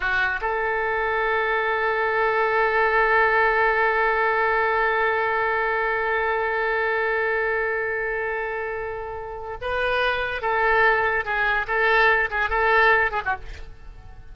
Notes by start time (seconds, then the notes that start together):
0.00 F#4
0.41 A4
9.61 B4
10.41 A4
11.24 G#4
11.67 A4
12.30 G#4
12.49 A4
13.11 G#4
13.25 F#4